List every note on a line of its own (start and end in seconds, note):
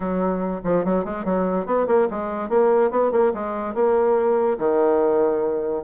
0.00 0.60 F#3
0.64 0.84 F3
0.84 1.04 F#3
1.04 1.24 G#3
1.24 1.66 F#3
1.66 1.87 B3
1.87 2.07 A#3
2.10 2.49 G#3
2.49 2.90 A#3
2.90 3.11 B3
3.11 3.32 A#3
3.34 3.74 G#3
3.74 4.57 A#3
4.58 5.83 D#3